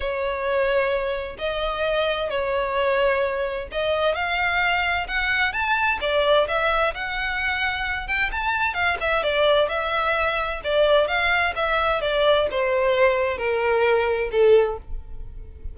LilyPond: \new Staff \with { instrumentName = "violin" } { \time 4/4 \tempo 4 = 130 cis''2. dis''4~ | dis''4 cis''2. | dis''4 f''2 fis''4 | a''4 d''4 e''4 fis''4~ |
fis''4. g''8 a''4 f''8 e''8 | d''4 e''2 d''4 | f''4 e''4 d''4 c''4~ | c''4 ais'2 a'4 | }